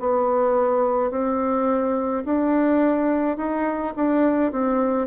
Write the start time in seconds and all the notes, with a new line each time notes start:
0.00 B3
1.11 C4
2.25 D4
3.37 D#4
3.96 D4
4.52 C4